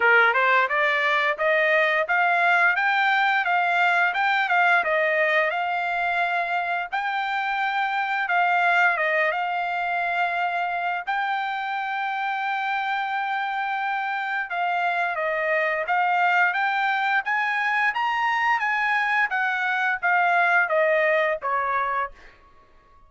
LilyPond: \new Staff \with { instrumentName = "trumpet" } { \time 4/4 \tempo 4 = 87 ais'8 c''8 d''4 dis''4 f''4 | g''4 f''4 g''8 f''8 dis''4 | f''2 g''2 | f''4 dis''8 f''2~ f''8 |
g''1~ | g''4 f''4 dis''4 f''4 | g''4 gis''4 ais''4 gis''4 | fis''4 f''4 dis''4 cis''4 | }